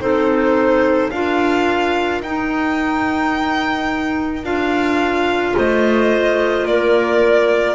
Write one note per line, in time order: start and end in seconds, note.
0.00 1.11 C4
0.00 1.12 D#4
0.00 1.12 A4
0.00 1.11 C5
1.11 2.22 D4
1.11 2.25 F4
1.11 5.56 A#4
1.11 2.22 F5
2.22 4.44 D#4
2.22 4.45 G5
4.44 5.55 D4
4.44 7.75 F4
4.44 5.56 F5
5.56 6.66 A3
5.56 6.67 C5
5.56 6.67 D#5
6.66 7.75 A#3
6.66 7.75 A#4
6.66 7.75 D5